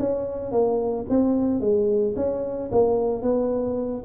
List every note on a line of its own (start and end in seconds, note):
0.00 0.52 C#4
0.52 1.06 A#3
1.10 1.61 C4
1.61 2.15 G#3
2.17 2.71 C#4
2.72 3.23 A#3
3.23 4.04 B3